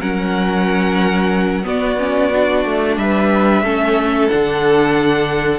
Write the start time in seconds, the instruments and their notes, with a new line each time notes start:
0.00 cello F#3, viola C#4, violin A#4 F#5
1.63 viola B3, cello B3, violin F#4 D5
1.98 viola C#4
2.34 viola D4
2.66 cello A3
2.97 cello G3, violin B4 E5
3.63 cello A3, viola C#4, violin A4
4.28 cello D3, viola D4, violin F#5